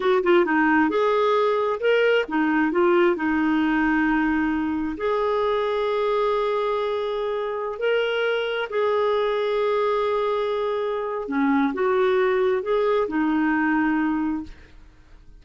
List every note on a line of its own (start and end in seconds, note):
0.00 0.23 F#4
0.23 0.45 F4
0.45 0.89 D#4
0.89 1.79 G#4
1.80 2.25 A#4
2.28 2.71 D#4
2.71 3.16 F4
3.16 4.96 D#4
4.97 7.78 G#4
7.78 8.68 A#4
8.69 11.28 G#4
11.28 11.73 C#4
11.73 12.62 F#4
12.62 13.07 G#4
13.08 14.43 D#4